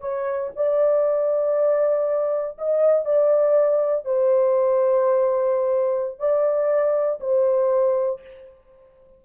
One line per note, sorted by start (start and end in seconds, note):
0.00 0.50 C#5
0.56 2.57 D5
2.58 3.05 D#5
3.05 4.05 D5
4.05 6.19 C5
6.19 7.20 D5
7.20 8.20 C5